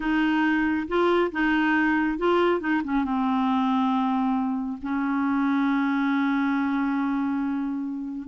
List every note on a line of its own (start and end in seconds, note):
0.00 0.87 D#4
0.87 1.31 F4
1.31 2.18 D#4
2.18 2.60 F4
2.60 2.82 D#4
2.84 3.04 C#4
3.04 4.78 C4
4.82 8.27 C#4